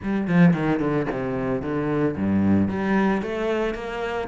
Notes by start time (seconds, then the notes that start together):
0.02 G3
0.27 F3
0.53 D#3
0.79 D3
1.11 C3
1.62 D3
2.16 G2
2.68 G3
3.22 A3
3.74 A#3